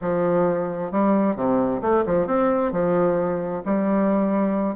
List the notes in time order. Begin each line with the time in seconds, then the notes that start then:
0.01 F3
0.91 G3
1.36 C3
1.81 A3
2.06 F3
2.26 C4
2.72 F3
3.65 G3